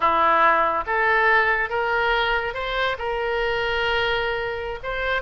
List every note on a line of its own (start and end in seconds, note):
0.00 0.84 E4
0.86 1.69 A4
1.69 2.54 A#4
2.54 2.96 C5
2.98 4.79 A#4
4.83 5.21 C5